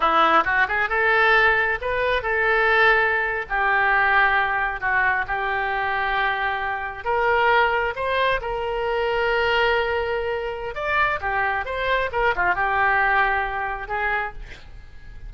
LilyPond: \new Staff \with { instrumentName = "oboe" } { \time 4/4 \tempo 4 = 134 e'4 fis'8 gis'8 a'2 | b'4 a'2~ a'8. g'16~ | g'2~ g'8. fis'4 g'16~ | g'2.~ g'8. ais'16~ |
ais'4.~ ais'16 c''4 ais'4~ ais'16~ | ais'1 | d''4 g'4 c''4 ais'8 f'8 | g'2. gis'4 | }